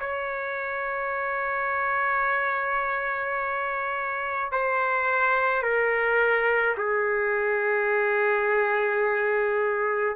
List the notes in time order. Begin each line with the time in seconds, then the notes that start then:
0.00 C#5
4.52 C5
5.63 A#4
6.78 G#4